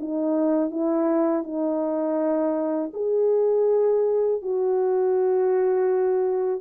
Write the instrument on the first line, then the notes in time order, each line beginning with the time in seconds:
horn
0.00 D#4
0.71 E4
1.43 D#4
2.94 G#4
4.42 F#4